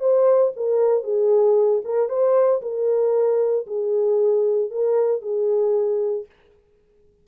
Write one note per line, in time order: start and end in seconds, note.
0.00 0.52 C5
0.56 1.03 A#4
1.03 1.82 G#4
1.85 2.09 A#4
2.09 2.61 C5
2.62 3.66 A#4
3.67 4.71 G#4
4.71 5.22 A#4
5.22 6.26 G#4